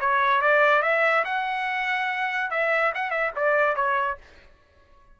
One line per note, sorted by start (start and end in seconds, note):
0.00 0.41 C#5
0.41 0.82 D5
0.82 1.24 E5
1.24 2.50 F#5
2.51 2.93 E5
2.94 3.10 F#5
3.10 3.31 E5
3.36 3.76 D5
3.76 4.17 C#5